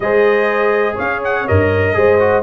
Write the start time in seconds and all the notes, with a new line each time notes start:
0.00 G#3 G#4 C5 D#5
0.94 C#4 C#5 F5
1.24 F#5
1.47 G2 A#4 D#5
1.94 G#3 G#4 C5
2.19 F#4